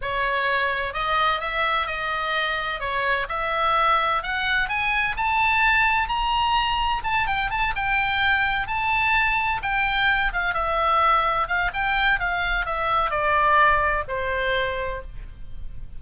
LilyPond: \new Staff \with { instrumentName = "oboe" } { \time 4/4 \tempo 4 = 128 cis''2 dis''4 e''4 | dis''2 cis''4 e''4~ | e''4 fis''4 gis''4 a''4~ | a''4 ais''2 a''8 g''8 |
a''8 g''2 a''4.~ | a''8 g''4. f''8 e''4.~ | e''8 f''8 g''4 f''4 e''4 | d''2 c''2 | }